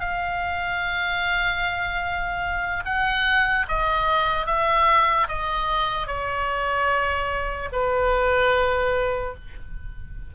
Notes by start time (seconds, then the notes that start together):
0.00 F5
2.85 F#5
3.68 D#5
4.46 E5
5.28 D#5
6.07 C#5
7.72 B4